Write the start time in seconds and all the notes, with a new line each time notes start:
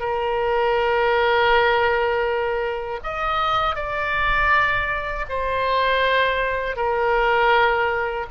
0.00 A#4
3.03 D#5
3.75 D5
5.29 C5
6.76 A#4